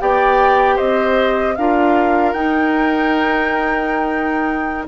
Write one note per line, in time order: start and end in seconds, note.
0.00 0.78 B3
0.00 1.56 G4
0.00 0.76 D5
0.00 0.77 G5
0.76 1.57 C4
0.76 1.54 C5
0.76 1.55 D#5
1.56 2.34 D4
1.56 2.36 F4
1.56 4.88 A#4
1.56 2.32 F5
2.32 4.87 D#4
2.32 4.88 D#4
2.32 4.86 G5